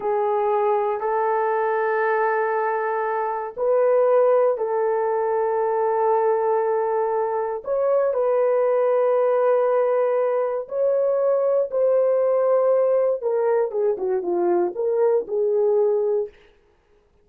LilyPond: \new Staff \with { instrumentName = "horn" } { \time 4/4 \tempo 4 = 118 gis'2 a'2~ | a'2. b'4~ | b'4 a'2.~ | a'2. cis''4 |
b'1~ | b'4 cis''2 c''4~ | c''2 ais'4 gis'8 fis'8 | f'4 ais'4 gis'2 | }